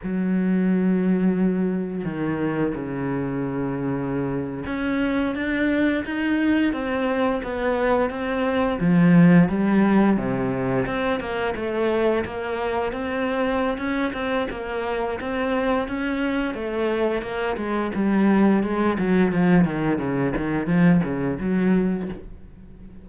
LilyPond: \new Staff \with { instrumentName = "cello" } { \time 4/4 \tempo 4 = 87 fis2. dis4 | cis2~ cis8. cis'4 d'16~ | d'8. dis'4 c'4 b4 c'16~ | c'8. f4 g4 c4 c'16~ |
c'16 ais8 a4 ais4 c'4~ c'16 | cis'8 c'8 ais4 c'4 cis'4 | a4 ais8 gis8 g4 gis8 fis8 | f8 dis8 cis8 dis8 f8 cis8 fis4 | }